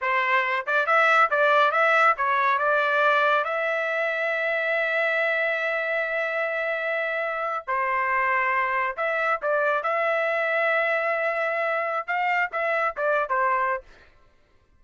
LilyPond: \new Staff \with { instrumentName = "trumpet" } { \time 4/4 \tempo 4 = 139 c''4. d''8 e''4 d''4 | e''4 cis''4 d''2 | e''1~ | e''1~ |
e''4.~ e''16 c''2~ c''16~ | c''8. e''4 d''4 e''4~ e''16~ | e''1 | f''4 e''4 d''8. c''4~ c''16 | }